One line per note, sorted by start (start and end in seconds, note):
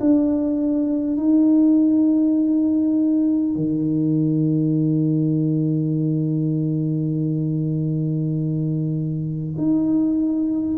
0.00 1.17 D4
1.17 3.56 D#4
3.56 9.56 D#3
9.58 10.78 D#4